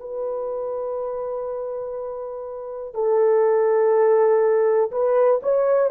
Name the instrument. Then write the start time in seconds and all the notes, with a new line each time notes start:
horn
0.00 B4
2.95 A4
4.92 B4
5.43 C#5